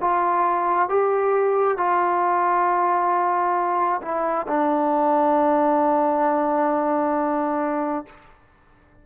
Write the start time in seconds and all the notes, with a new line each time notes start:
0.00 F4
0.89 G4
1.77 F4
4.02 E4
4.48 D4